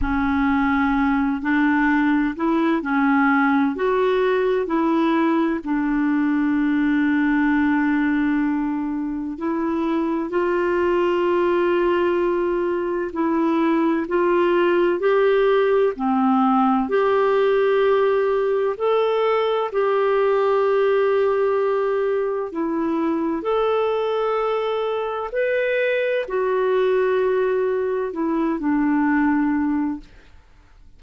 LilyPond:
\new Staff \with { instrumentName = "clarinet" } { \time 4/4 \tempo 4 = 64 cis'4. d'4 e'8 cis'4 | fis'4 e'4 d'2~ | d'2 e'4 f'4~ | f'2 e'4 f'4 |
g'4 c'4 g'2 | a'4 g'2. | e'4 a'2 b'4 | fis'2 e'8 d'4. | }